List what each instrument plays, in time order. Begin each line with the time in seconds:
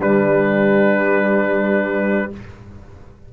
0.00 tuba G3, trombone G3, horn D4, trumpet B4